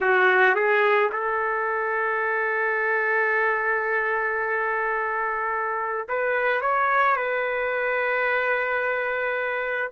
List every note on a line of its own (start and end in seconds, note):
0.00 0.55 F#4
0.55 1.10 G#4
1.12 6.07 A4
6.08 6.61 B4
6.61 7.16 C#5
7.16 9.91 B4